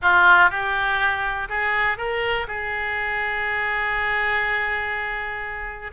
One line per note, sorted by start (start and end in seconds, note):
0.02 0.50 F4
0.50 1.48 G4
1.48 1.97 G#4
1.97 2.46 A#4
2.47 5.91 G#4